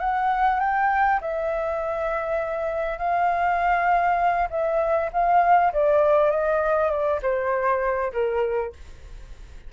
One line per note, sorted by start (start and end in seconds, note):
0.00 0.60 F#5
0.60 1.20 G5
1.21 2.98 E5
2.98 4.48 F5
4.50 5.10 E5
5.13 5.73 F5
5.73 6.31 D5
6.31 6.90 D#5
6.90 7.20 D5
7.22 8.12 C5
8.13 8.73 A#4